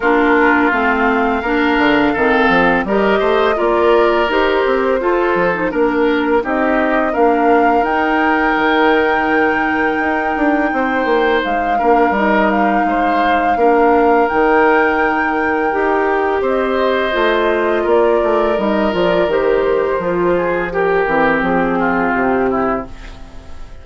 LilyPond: <<
  \new Staff \with { instrumentName = "flute" } { \time 4/4 \tempo 4 = 84 ais'4 f''2. | dis''4 d''4 c''2 | ais'4 dis''4 f''4 g''4~ | g''1 |
f''4 dis''8 f''2~ f''8 | g''2. dis''4~ | dis''4 d''4 dis''8 d''8 c''4~ | c''4 ais'4 gis'4 g'4 | }
  \new Staff \with { instrumentName = "oboe" } { \time 4/4 f'2 ais'4 a'4 | ais'8 c''8 ais'2 a'4 | ais'4 g'4 ais'2~ | ais'2. c''4~ |
c''8 ais'4. c''4 ais'4~ | ais'2. c''4~ | c''4 ais'2.~ | ais'8 gis'8 g'4. f'4 e'8 | }
  \new Staff \with { instrumentName = "clarinet" } { \time 4/4 d'4 c'4 d'4 c'4 | g'4 f'4 g'4 f'8. dis'16 | d'4 dis'4 d'4 dis'4~ | dis'1~ |
dis'8 d'8 dis'2 d'4 | dis'2 g'2 | f'2 dis'8 f'8 g'4 | f'4 g'8 c'2~ c'8 | }
  \new Staff \with { instrumentName = "bassoon" } { \time 4/4 ais4 a4 ais8 d8 dis8 f8 | g8 a8 ais4 dis'8 c'8 f'8 f8 | ais4 c'4 ais4 dis'4 | dis2 dis'8 d'8 c'8 ais8 |
gis8 ais8 g4 gis4 ais4 | dis2 dis'4 c'4 | a4 ais8 a8 g8 f8 dis4 | f4. e8 f4 c4 | }
>>